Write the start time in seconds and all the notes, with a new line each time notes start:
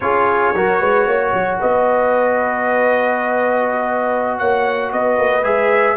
0.00 C#4 F4 G#4 C#5
0.54 F#3 F#4 A#4
0.79 G#3 B4
1.05 A#3 C#5
1.33 F#3
1.60 B3 B4 D#5
4.38 A#3 C#5 F#5
4.92 B3 B4 D#5
5.18 A#3
5.42 G#3 G#4 E5